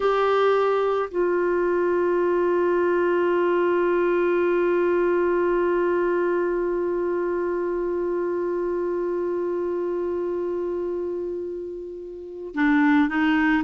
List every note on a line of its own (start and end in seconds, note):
0.00 1.09 G4
1.10 12.55 F4
12.55 13.09 D4
13.09 13.63 D#4